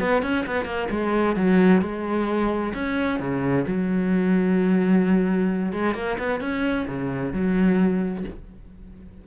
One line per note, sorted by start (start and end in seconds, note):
0.00 0.22 B3
0.22 0.45 C#4
0.47 0.65 B3
0.65 0.88 A#3
0.90 1.36 G#3
1.36 1.82 F#3
1.82 2.73 G#3
2.74 3.19 C#4
3.19 3.65 C#3
3.67 5.72 F#3
5.72 5.94 G#3
5.94 6.17 A#3
6.19 6.40 B3
6.40 6.86 C#4
6.88 7.33 C#3
7.33 8.24 F#3